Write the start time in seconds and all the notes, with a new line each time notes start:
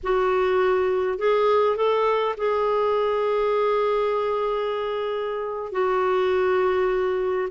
0.03 F#4
1.18 G#4
1.76 A4
2.37 G#4
5.72 F#4